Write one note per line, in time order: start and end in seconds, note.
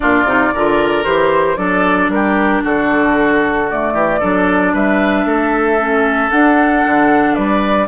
0.00 0.24 A#2
0.00 0.25 D4
0.00 0.54 F4
0.00 1.04 D5
0.24 0.50 C3
0.24 0.52 D#4
0.54 1.04 D3
0.54 1.04 F4
0.54 1.58 A#4
1.04 1.57 E3
1.04 1.56 G4
1.04 1.56 C5
1.56 2.08 F#3
1.56 3.67 D4
1.56 2.10 A4
1.56 2.09 D5
2.08 2.61 G3
2.08 2.63 G4
2.08 2.62 A#4
2.63 3.93 D3
2.63 3.93 F#4
2.63 3.69 A4
3.69 4.21 A3
3.69 4.74 D5
3.93 4.19 E3
3.93 4.19 G4
4.19 4.73 F#3
4.19 5.79 D4
4.19 4.72 A4
4.73 5.25 G3
4.73 5.26 B4
4.73 6.30 E5
5.25 6.30 A3
5.25 7.34 A4
5.79 6.30 C#4
6.30 7.87 D4
6.30 6.85 D4
6.30 7.34 F#5
6.86 7.37 D3
7.34 7.87 G3
7.34 7.87 B4
7.34 7.87 D5